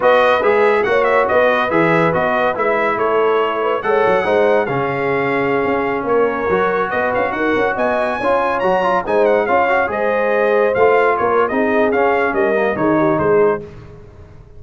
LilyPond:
<<
  \new Staff \with { instrumentName = "trumpet" } { \time 4/4 \tempo 4 = 141 dis''4 e''4 fis''8 e''8 dis''4 | e''4 dis''4 e''4 cis''4~ | cis''4 fis''2 f''4~ | f''2~ f''16 cis''4.~ cis''16~ |
cis''16 dis''8 f''8 fis''4 gis''4.~ gis''16~ | gis''16 ais''4 gis''8 fis''8 f''4 dis''8.~ | dis''4~ dis''16 f''4 cis''8. dis''4 | f''4 dis''4 cis''4 c''4 | }
  \new Staff \with { instrumentName = "horn" } { \time 4/4 b'2 cis''4 b'4~ | b'2. a'4~ | a'8 b'8 cis''4 c''4 gis'4~ | gis'2~ gis'16 ais'4.~ ais'16~ |
ais'16 b'4 ais'4 dis''4 cis''8.~ | cis''4~ cis''16 c''4 cis''4 c''8.~ | c''2~ c''16 ais'8. gis'4~ | gis'4 ais'4 gis'8 g'8 gis'4 | }
  \new Staff \with { instrumentName = "trombone" } { \time 4/4 fis'4 gis'4 fis'2 | gis'4 fis'4 e'2~ | e'4 a'4 dis'4 cis'4~ | cis'2.~ cis'16 fis'8.~ |
fis'2.~ fis'16 f'8.~ | f'16 fis'8 f'8 dis'4 f'8 fis'8 gis'8.~ | gis'4~ gis'16 f'4.~ f'16 dis'4 | cis'4. ais8 dis'2 | }
  \new Staff \with { instrumentName = "tuba" } { \time 4/4 b4 gis4 ais4 b4 | e4 b4 gis4 a4~ | a4 gis8 fis8 gis4 cis4~ | cis4~ cis16 cis'4 ais4 fis8.~ |
fis16 b8 cis'8 dis'8 cis'8 b4 cis'8.~ | cis'16 fis4 gis4 cis'4 gis8.~ | gis4~ gis16 a4 ais8. c'4 | cis'4 g4 dis4 gis4 | }
>>